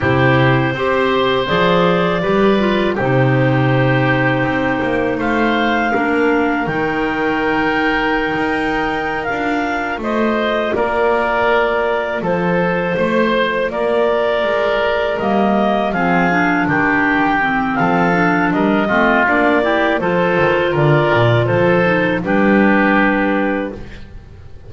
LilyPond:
<<
  \new Staff \with { instrumentName = "clarinet" } { \time 4/4 \tempo 4 = 81 c''2 d''2 | c''2. f''4~ | f''4 g''2.~ | g''8 f''4 dis''4 d''4.~ |
d''8 c''2 d''4.~ | d''8 dis''4 f''4 g''4. | f''4 dis''4 d''4 c''4 | d''4 c''4 b'2 | }
  \new Staff \with { instrumentName = "oboe" } { \time 4/4 g'4 c''2 b'4 | g'2. c''4 | ais'1~ | ais'4. c''4 ais'4.~ |
ais'8 a'4 c''4 ais'4.~ | ais'4. gis'4 g'4. | a'4 ais'8 f'4 g'8 a'4 | ais'4 a'4 g'2 | }
  \new Staff \with { instrumentName = "clarinet" } { \time 4/4 e'4 g'4 gis'4 g'8 f'8 | dis'1 | d'4 dis'2.~ | dis'8 f'2.~ f'8~ |
f'1~ | f'8 ais4 c'8 d'4. c'8~ | c'8 d'4 c'8 d'8 e'8 f'4~ | f'4. dis'8 d'2 | }
  \new Staff \with { instrumentName = "double bass" } { \time 4/4 c4 c'4 f4 g4 | c2 c'8 ais8 a4 | ais4 dis2~ dis16 dis'8.~ | dis'8 d'4 a4 ais4.~ |
ais8 f4 a4 ais4 gis8~ | gis8 g4 f4 dis4. | f4 g8 a8 ais4 f8 dis8 | d8 ais,8 f4 g2 | }
>>